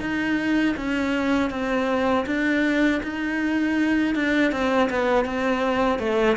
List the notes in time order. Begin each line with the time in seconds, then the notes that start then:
0.00 D#4
0.76 C#4
1.50 C4
2.26 D4
3.03 D#4
4.15 D4
4.51 C4
4.90 B3
5.25 C4
5.99 A3